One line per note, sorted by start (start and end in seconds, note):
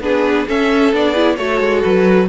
0.00 0.45 B3
0.00 0.47 D4
0.00 0.47 G#4
0.00 0.48 B4
0.47 0.93 C#4
0.47 0.92 C#4
0.47 1.12 A4
0.47 0.93 E5
0.92 1.37 B3
0.92 1.14 D4
0.92 1.36 D5
1.12 1.37 E4
1.12 1.34 G#4
1.36 1.60 A3
1.36 2.27 F#4
1.36 2.26 A4
1.36 1.81 C#5
1.60 1.83 G#3
1.83 2.28 F#3
1.83 2.28 B4